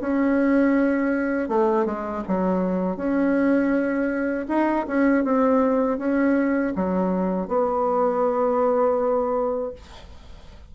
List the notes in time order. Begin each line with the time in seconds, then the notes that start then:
0.00 C#4
1.48 A3
1.85 G#3
2.27 F#3
2.96 C#4
4.48 D#4
4.87 C#4
5.24 C4
5.98 C#4
6.75 F#3
7.48 B3